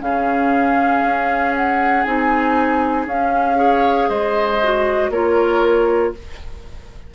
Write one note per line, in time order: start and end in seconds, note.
0.00 1.04 C#3
0.00 2.03 C#4
0.00 3.59 G#4
0.00 1.55 F5
1.04 2.06 C#4
1.55 2.04 F#5
2.04 3.06 C4
2.04 3.08 D#4
2.04 3.06 G#5
3.06 4.08 C#4
3.06 3.56 C#4
3.06 4.10 F5
3.56 4.58 G#4
3.56 4.09 C#5
4.09 5.10 G#3
4.09 5.11 C5
4.09 5.11 D#5
4.63 5.13 F#4
5.10 6.12 A#3
5.10 6.15 F4
5.10 6.14 A#4
5.10 6.14 C#5